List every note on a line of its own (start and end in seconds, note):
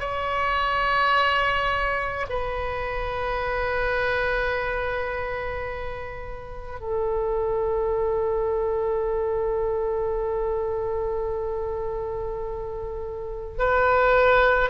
0.00 2.26 C#5
2.30 6.80 B4
6.80 13.58 A4
13.58 14.70 B4